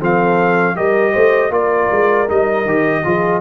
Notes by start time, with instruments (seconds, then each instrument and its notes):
0.00 tuba F3, trombone C4, horn A4, trumpet F5
0.76 tuba G3, trombone G4, horn A#4, trumpet D#5
1.13 tuba A3, horn C5
1.50 tuba A#3, trombone F4, horn A#4, trumpet D5
1.92 tuba G#3
2.28 tuba G3, trombone D#4, trumpet D#5
2.66 tuba D#3, trombone G4
3.04 tuba F3, trombone F4, horn G#4